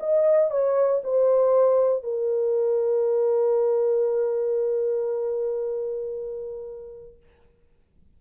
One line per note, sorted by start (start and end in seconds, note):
0.00 0.51 D#5
0.51 1.02 C#5
1.04 2.04 C5
2.04 7.17 A#4